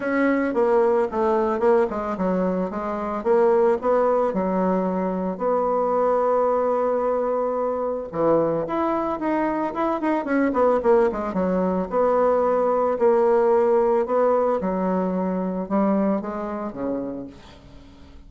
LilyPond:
\new Staff \with { instrumentName = "bassoon" } { \time 4/4 \tempo 4 = 111 cis'4 ais4 a4 ais8 gis8 | fis4 gis4 ais4 b4 | fis2 b2~ | b2. e4 |
e'4 dis'4 e'8 dis'8 cis'8 b8 | ais8 gis8 fis4 b2 | ais2 b4 fis4~ | fis4 g4 gis4 cis4 | }